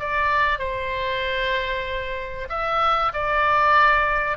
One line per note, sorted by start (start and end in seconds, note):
0.00 0.59 D5
0.59 2.49 C5
2.49 3.13 E5
3.13 4.38 D5